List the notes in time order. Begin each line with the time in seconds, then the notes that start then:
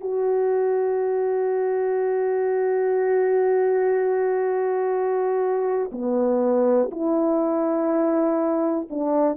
0.00 F#4
5.92 B3
6.91 E4
8.90 D4